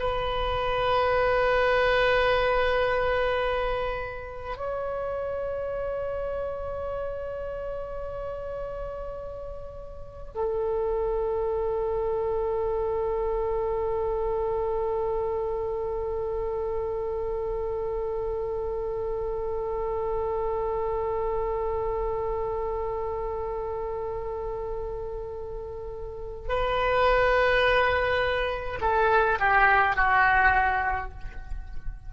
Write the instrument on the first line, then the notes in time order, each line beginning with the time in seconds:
oboe
0.00 B4
4.58 C#5
10.35 A4
26.49 B4
28.81 A4
29.40 G4
29.96 F#4